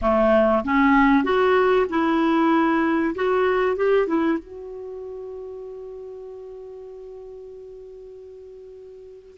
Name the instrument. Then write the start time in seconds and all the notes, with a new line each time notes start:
clarinet
0.01 A3
0.64 C#4
1.24 F#4
1.89 E4
3.15 F#4
3.76 G4
4.07 E4
4.38 F#4